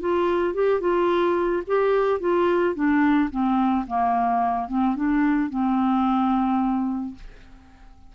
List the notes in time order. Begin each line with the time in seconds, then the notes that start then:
0.00 F4
0.54 G4
0.80 F4
1.67 G4
2.20 F4
2.74 D4
3.30 C4
3.87 A#3
4.68 C4
4.95 D4
5.49 C4